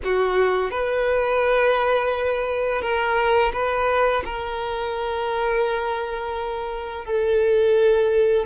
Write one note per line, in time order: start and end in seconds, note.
0.04 0.71 F#4
0.71 2.81 B4
2.81 3.52 A#4
3.52 4.23 B4
4.25 7.05 A#4
7.05 8.46 A4